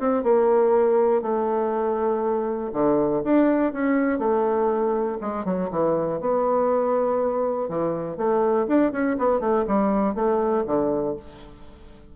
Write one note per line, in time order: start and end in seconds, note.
0.00 0.23 C4
0.23 1.23 A#3
1.23 2.71 A3
2.73 3.23 D3
3.25 3.73 D4
3.73 4.19 C#4
4.19 5.19 A3
5.22 5.45 G#3
5.45 5.70 F#3
5.71 6.21 E3
6.21 7.69 B3
7.69 8.18 E3
8.18 8.67 A3
8.68 8.92 D4
8.92 9.17 C#4
9.19 9.41 B3
9.41 9.65 A3
9.68 10.15 G3
10.15 10.65 A3
10.67 11.17 D3